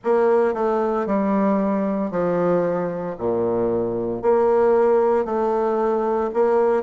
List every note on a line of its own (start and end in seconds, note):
0.04 0.54 A#3
0.54 1.06 A3
1.06 2.11 G3
2.11 3.16 F3
3.18 4.22 A#2
4.22 5.25 A#3
5.25 6.30 A3
6.33 6.82 A#3